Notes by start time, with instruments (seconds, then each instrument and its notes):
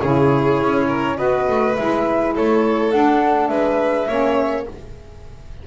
0.00 double bass C#3, saxophone E4, violin G#4, flute C#5
0.62 double bass C#4
0.88 violin A#4
1.17 double bass B3, saxophone F#4, violin B4, flute D#5
1.48 double bass A3
1.76 double bass G#3, saxophone E4, flute E5
2.36 double bass A3, violin A4, flute C#5
2.92 saxophone D4, double bass D4, flute F#5
3.48 double bass G#3, violin B4, flute E5
4.08 double bass A#3, saxophone C#4, violin C#5